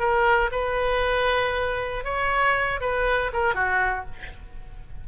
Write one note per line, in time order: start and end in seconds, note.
0.00 0.51 A#4
0.52 2.05 B4
2.05 2.81 C#5
2.81 3.32 B4
3.34 3.55 A#4
3.55 4.06 F#4